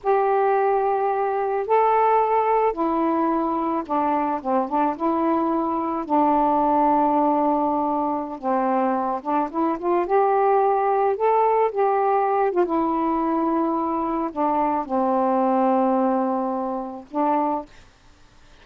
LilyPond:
\new Staff \with { instrumentName = "saxophone" } { \time 4/4 \tempo 4 = 109 g'2. a'4~ | a'4 e'2 d'4 | c'8 d'8 e'2 d'4~ | d'2.~ d'16 c'8.~ |
c'8. d'8 e'8 f'8 g'4.~ g'16~ | g'16 a'4 g'4. f'16 e'4~ | e'2 d'4 c'4~ | c'2. d'4 | }